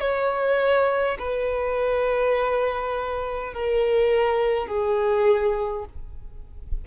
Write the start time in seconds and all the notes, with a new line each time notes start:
0.00 C#5
1.19 B4
3.53 A#4
4.67 G#4